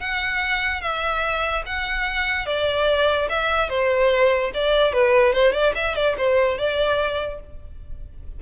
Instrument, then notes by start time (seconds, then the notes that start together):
violin
0.00 F#5
0.81 E5
1.66 F#5
2.46 D5
3.29 E5
3.69 C5
4.54 D5
4.93 B4
5.33 C5
5.52 D5
5.75 E5
5.95 D5
6.18 C5
6.58 D5